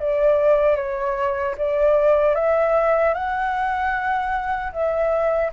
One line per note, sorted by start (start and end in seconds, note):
0.00 0.76 D5
0.76 1.55 C#5
1.58 2.35 D5
2.35 3.14 E5
3.14 4.72 F#5
4.73 5.52 E5